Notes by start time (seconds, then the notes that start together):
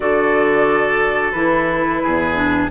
0.00 D3 F#4 A4 D5
1.31 E3 E4 B4
2.02 E2 G#4
2.35 D4